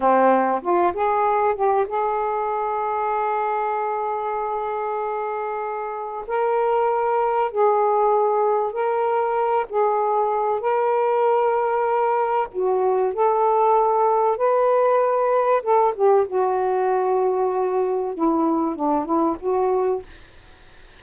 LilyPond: \new Staff \with { instrumentName = "saxophone" } { \time 4/4 \tempo 4 = 96 c'4 f'8 gis'4 g'8 gis'4~ | gis'1~ | gis'2 ais'2 | gis'2 ais'4. gis'8~ |
gis'4 ais'2. | fis'4 a'2 b'4~ | b'4 a'8 g'8 fis'2~ | fis'4 e'4 d'8 e'8 fis'4 | }